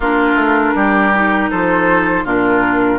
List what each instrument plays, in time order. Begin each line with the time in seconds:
0.00 bassoon A#3, clarinet D4, oboe F4, flute A#4
0.34 bassoon A3
0.74 bassoon G3, oboe G4
1.14 clarinet D#4
1.50 bassoon F3, oboe A4, flute C5
2.24 bassoon A#2, clarinet D4, oboe F4, flute A#4